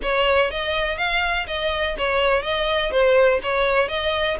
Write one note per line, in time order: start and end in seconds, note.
0.02 0.50 C#5
0.50 0.97 D#5
0.97 1.46 F5
1.47 1.96 D#5
1.98 2.42 C#5
2.42 2.91 D#5
2.91 3.39 C5
3.43 3.88 C#5
3.88 4.37 D#5